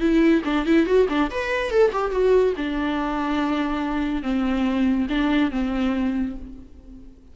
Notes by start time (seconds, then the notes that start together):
0.00 E4
0.45 D4
0.66 E4
0.86 F#4
1.09 D4
1.31 B4
1.71 A4
1.93 G4
2.11 F#4
2.57 D4
4.23 C4
5.09 D4
5.51 C4